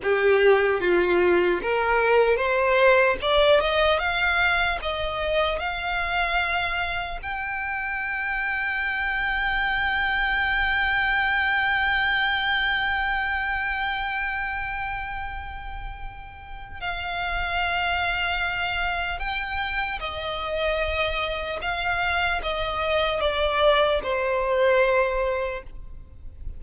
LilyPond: \new Staff \with { instrumentName = "violin" } { \time 4/4 \tempo 4 = 75 g'4 f'4 ais'4 c''4 | d''8 dis''8 f''4 dis''4 f''4~ | f''4 g''2.~ | g''1~ |
g''1~ | g''4 f''2. | g''4 dis''2 f''4 | dis''4 d''4 c''2 | }